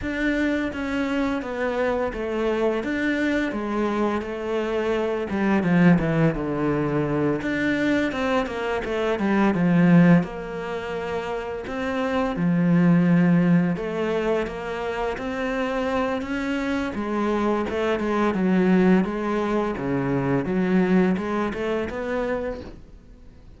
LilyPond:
\new Staff \with { instrumentName = "cello" } { \time 4/4 \tempo 4 = 85 d'4 cis'4 b4 a4 | d'4 gis4 a4. g8 | f8 e8 d4. d'4 c'8 | ais8 a8 g8 f4 ais4.~ |
ais8 c'4 f2 a8~ | a8 ais4 c'4. cis'4 | gis4 a8 gis8 fis4 gis4 | cis4 fis4 gis8 a8 b4 | }